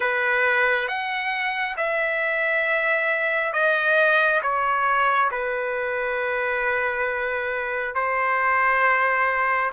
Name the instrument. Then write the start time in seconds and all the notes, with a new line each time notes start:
trumpet
0.00 B4
0.87 F#5
1.76 E5
3.53 D#5
4.42 C#5
5.31 B4
7.94 C5